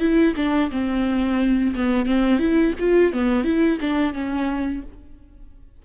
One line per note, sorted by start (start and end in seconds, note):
0.00 0.34 E4
0.36 0.71 D4
0.71 1.75 C4
1.75 2.06 B3
2.06 2.39 C4
2.39 2.74 E4
2.80 3.13 F4
3.13 3.45 B3
3.45 3.79 E4
3.81 4.14 D4
4.14 4.83 C#4